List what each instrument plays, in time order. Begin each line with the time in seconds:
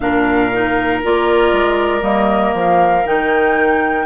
0.00 bassoon A#2, clarinet D4, oboe A#4, flute F5
0.53 clarinet D#4
1.03 bassoon A#3, clarinet F4, flute D5
1.52 bassoon G#3
2.01 bassoon G3, clarinet A#3, flute D#5
2.53 bassoon F3, flute F5
3.05 bassoon D#3, clarinet D#4, flute G5